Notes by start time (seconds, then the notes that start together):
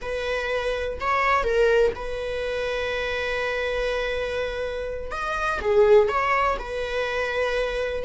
0.01 B4
1.00 C#5
1.43 A#4
1.95 B4
5.11 D#5
5.61 G#4
6.08 C#5
6.59 B4